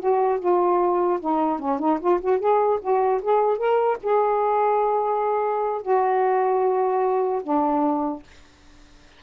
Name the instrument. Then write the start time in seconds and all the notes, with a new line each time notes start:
saxophone
0.00 F#4
0.40 F4
1.20 D#4
1.60 C#4
1.80 D#4
2.00 F4
2.21 F#4
2.39 G#4
2.81 F#4
3.23 G#4
3.58 A#4
4.03 G#4
5.82 F#4
7.43 D4